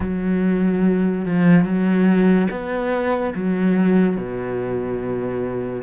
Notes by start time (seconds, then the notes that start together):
0.00 F#3
1.25 F3
1.64 F#3
2.50 B3
3.34 F#3
4.16 B2